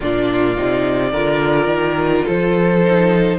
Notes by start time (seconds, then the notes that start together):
0.00 A#2 D4 F4 D5
0.56 C3 D#4
1.11 D3 F4 A#4
1.67 D#3
2.24 F3 A4 C5
2.84 D#4